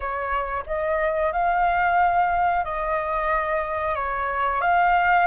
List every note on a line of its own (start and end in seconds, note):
0.00 0.64 C#5
0.66 1.32 D#5
1.32 2.64 F5
2.64 3.95 D#5
3.95 4.61 C#5
4.61 5.27 F5